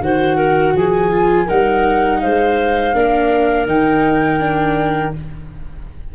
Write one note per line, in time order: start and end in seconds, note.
0.00 0.73 D#3
0.00 1.11 F#4
0.00 0.36 C5
0.00 0.76 F#5
0.36 0.73 A#4
0.74 1.48 F3
0.74 1.45 G#4
0.74 1.49 G#5
1.11 1.47 F4
1.45 2.23 G3
1.45 2.94 D#4
1.45 2.18 A#4
1.45 2.20 F#5
2.20 2.93 G#3
2.20 2.95 C5
2.20 3.67 F5
2.93 3.66 A#3
2.93 3.67 D4
2.93 5.15 A#4
3.66 5.13 D#3
3.66 4.39 D#4
3.66 5.15 G5
4.39 5.12 D4